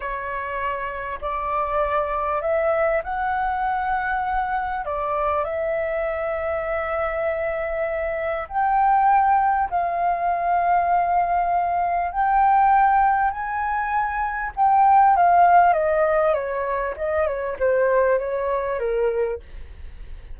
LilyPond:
\new Staff \with { instrumentName = "flute" } { \time 4/4 \tempo 4 = 99 cis''2 d''2 | e''4 fis''2. | d''4 e''2.~ | e''2 g''2 |
f''1 | g''2 gis''2 | g''4 f''4 dis''4 cis''4 | dis''8 cis''8 c''4 cis''4 ais'4 | }